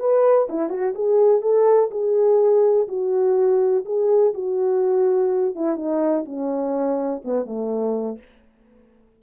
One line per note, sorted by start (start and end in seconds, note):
0.00 0.48 B4
0.49 0.70 E4
0.70 0.94 F#4
0.95 1.42 G#4
1.42 1.90 A4
1.91 2.88 G#4
2.88 3.85 F#4
3.85 4.34 G#4
4.34 5.55 F#4
5.56 5.77 E4
5.77 6.25 D#4
6.26 7.22 C#4
7.24 7.46 B3
7.46 8.19 A3